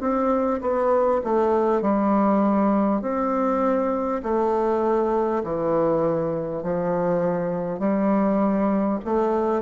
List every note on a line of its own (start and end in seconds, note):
0.00 0.60 C4
0.61 1.21 B3
1.24 1.81 A3
1.81 3.01 G3
3.01 4.21 C4
4.23 5.43 A3
5.43 6.63 E3
6.63 7.79 F3
7.79 8.99 G3
9.04 9.62 A3